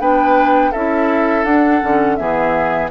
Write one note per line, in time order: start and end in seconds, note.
0.00 0.72 B3
0.00 0.73 D4
0.00 0.71 B4
0.00 0.72 G5
0.71 1.45 C#4
0.71 1.46 E4
0.71 2.16 A4
0.71 1.45 E5
1.45 1.81 D4
1.45 1.82 D4
1.45 2.16 F#5
1.82 2.19 D3
1.82 2.18 C#4
2.16 2.91 E3
2.16 2.90 B3
2.16 2.91 G#4
2.16 2.89 E5